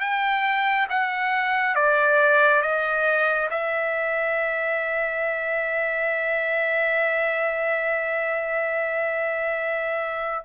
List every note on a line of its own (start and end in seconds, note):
0.00 0.87 G5
0.89 1.75 F#5
1.75 2.62 D5
2.62 3.49 D#5
3.50 10.44 E5